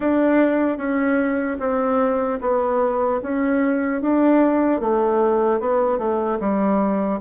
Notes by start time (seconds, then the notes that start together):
0.00 D4
0.77 C#4
1.59 C4
2.40 B3
3.22 C#4
4.01 D4
4.80 A3
5.60 B3
5.98 A3
6.40 G3